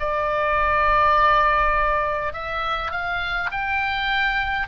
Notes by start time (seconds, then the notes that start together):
0.00 D5
2.33 E5
2.92 F5
3.52 G5